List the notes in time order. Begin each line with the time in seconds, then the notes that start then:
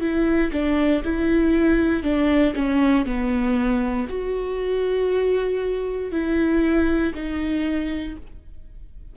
0.00 E4
0.52 D4
1.04 E4
2.03 D4
2.55 C#4
3.06 B3
4.08 F#4
6.12 E4
7.15 D#4